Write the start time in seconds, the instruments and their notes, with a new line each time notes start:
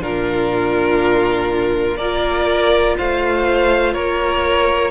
0.00 cello A#2, viola D4, violin F4 A#4
1.97 cello A#3, viola F4, violin A#4 D5
2.97 cello A3, violin C5 F5
3.93 cello A#3, violin A#4 C#5